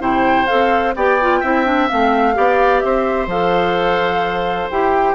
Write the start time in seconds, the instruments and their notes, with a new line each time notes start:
0.00 bassoon C3, clarinet E4, oboe C5, flute G5
0.47 bassoon C4, clarinet A4, flute F5
0.96 bassoon B3, clarinet G4, oboe D5, flute G5
1.21 clarinet F4
1.40 bassoon C4, clarinet E4, oboe E5
1.66 clarinet D4
1.89 bassoon A3, clarinet C4, flute F5
2.34 bassoon B3, clarinet G4, oboe D5
2.80 bassoon C4, oboe C5, flute E5
3.27 bassoon F3, clarinet A4, flute F5
4.70 bassoon E4, clarinet G4, flute G5